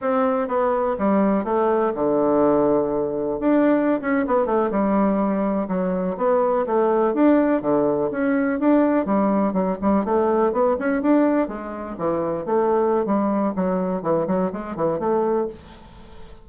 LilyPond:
\new Staff \with { instrumentName = "bassoon" } { \time 4/4 \tempo 4 = 124 c'4 b4 g4 a4 | d2. d'4~ | d'16 cis'8 b8 a8 g2 fis16~ | fis8. b4 a4 d'4 d16~ |
d8. cis'4 d'4 g4 fis16~ | fis16 g8 a4 b8 cis'8 d'4 gis16~ | gis8. e4 a4~ a16 g4 | fis4 e8 fis8 gis8 e8 a4 | }